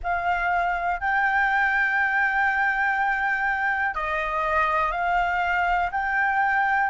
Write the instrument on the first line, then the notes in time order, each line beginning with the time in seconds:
flute
0.03 F5
1.00 G5
3.94 D#5
4.91 F5
5.92 G5